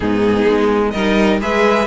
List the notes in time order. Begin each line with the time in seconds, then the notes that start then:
0.00 G#2 B3 D#4 G#4
0.46 G#3
0.90 G3 D#4 A#4 D#5
1.40 G#3 G#4 B4 E5